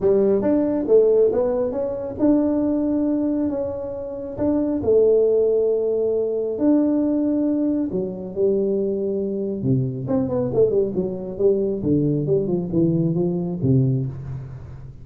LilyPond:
\new Staff \with { instrumentName = "tuba" } { \time 4/4 \tempo 4 = 137 g4 d'4 a4 b4 | cis'4 d'2. | cis'2 d'4 a4~ | a2. d'4~ |
d'2 fis4 g4~ | g2 c4 c'8 b8 | a8 g8 fis4 g4 d4 | g8 f8 e4 f4 c4 | }